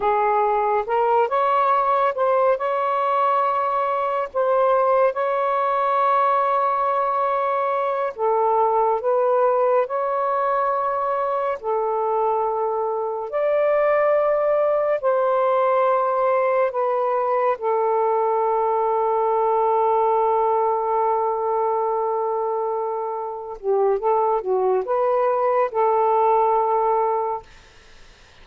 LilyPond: \new Staff \with { instrumentName = "saxophone" } { \time 4/4 \tempo 4 = 70 gis'4 ais'8 cis''4 c''8 cis''4~ | cis''4 c''4 cis''2~ | cis''4. a'4 b'4 cis''8~ | cis''4. a'2 d''8~ |
d''4. c''2 b'8~ | b'8 a'2.~ a'8~ | a'2.~ a'8 g'8 | a'8 fis'8 b'4 a'2 | }